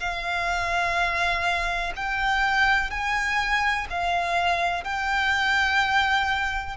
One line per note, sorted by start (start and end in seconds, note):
0.00 1.94 F5
1.97 2.91 G5
2.91 3.88 G#5
3.91 4.84 F5
4.84 6.77 G5